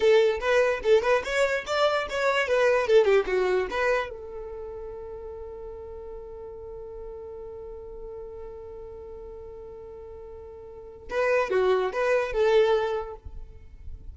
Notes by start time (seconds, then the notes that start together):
0.00 A4
0.39 B4
0.83 A4
1.02 B4
1.23 C#5
1.66 D5
2.09 C#5
2.47 B4
2.87 A4
3.04 G4
3.26 F#4
3.70 B4
4.09 A4
11.10 B4
11.50 F#4
11.92 B4
12.32 A4